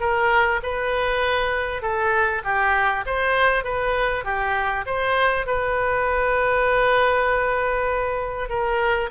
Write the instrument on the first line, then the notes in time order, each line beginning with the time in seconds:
oboe
0.00 A#4
0.63 B4
1.82 A4
2.44 G4
3.06 C5
3.64 B4
4.25 G4
4.86 C5
5.47 B4
8.49 A#4